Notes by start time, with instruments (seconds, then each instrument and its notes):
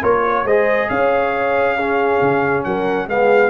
0.00 tuba A#3, trombone F4, horn A#4, trumpet C#5
0.26 horn C#5
0.44 tuba G#3, trombone G#4, horn C5, trumpet D#5
0.89 tuba C#4, horn C#5, trumpet F5
1.76 trombone C#4, horn G#4
2.21 tuba C#3
2.64 tuba F#3, horn A#4, trumpet F#5
3.07 tuba G#3, trombone B3, horn G#4, trumpet F5